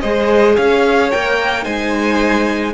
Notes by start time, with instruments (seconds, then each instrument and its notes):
0.00 cello G#3, viola G#4, violin C5 D#5
0.56 cello C#4, violin C#5 F5
1.11 cello A#3, viola A#4, violin G5
1.63 cello G#3, viola D#4, violin C5 G#5